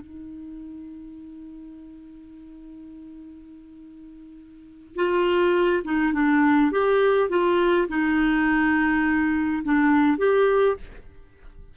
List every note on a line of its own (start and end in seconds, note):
0.00 4.95 D#4
4.95 5.83 F4
5.84 6.13 D#4
6.13 6.71 D4
6.71 7.29 G4
7.29 7.87 F4
7.88 9.63 D#4
9.64 10.18 D4
10.18 10.76 G4